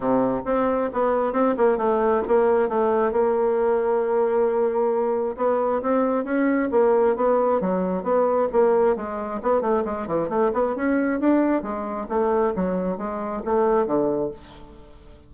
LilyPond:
\new Staff \with { instrumentName = "bassoon" } { \time 4/4 \tempo 4 = 134 c4 c'4 b4 c'8 ais8 | a4 ais4 a4 ais4~ | ais1 | b4 c'4 cis'4 ais4 |
b4 fis4 b4 ais4 | gis4 b8 a8 gis8 e8 a8 b8 | cis'4 d'4 gis4 a4 | fis4 gis4 a4 d4 | }